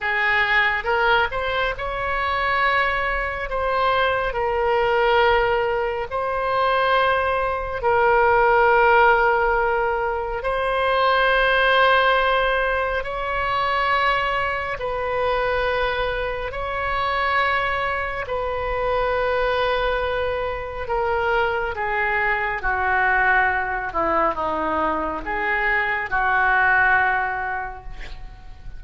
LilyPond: \new Staff \with { instrumentName = "oboe" } { \time 4/4 \tempo 4 = 69 gis'4 ais'8 c''8 cis''2 | c''4 ais'2 c''4~ | c''4 ais'2. | c''2. cis''4~ |
cis''4 b'2 cis''4~ | cis''4 b'2. | ais'4 gis'4 fis'4. e'8 | dis'4 gis'4 fis'2 | }